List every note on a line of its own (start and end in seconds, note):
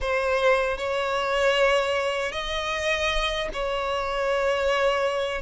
0.00 0.77 C5
0.77 2.32 C#5
2.32 3.49 D#5
3.53 5.42 C#5